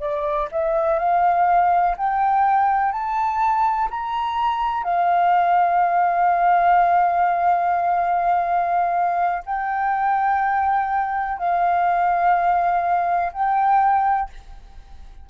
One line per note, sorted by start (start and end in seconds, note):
0.00 0.48 D5
0.51 0.99 E5
0.99 1.96 F5
1.97 2.92 G5
2.92 3.89 A5
3.91 4.83 A#5
4.83 9.43 F5
9.46 11.38 G5
11.38 13.32 F5
13.33 14.30 G5